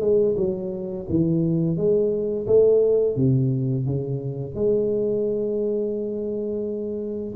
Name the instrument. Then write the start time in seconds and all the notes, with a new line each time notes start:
tuba
0.00 G#3
0.36 F#3
1.09 E3
1.76 G#3
2.46 A3
3.16 C3
3.85 C#3
4.55 G#3